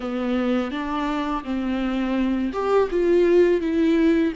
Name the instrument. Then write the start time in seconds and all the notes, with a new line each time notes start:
viola
0.00 B3
0.71 D4
1.44 C4
2.52 G4
2.90 F4
3.60 E4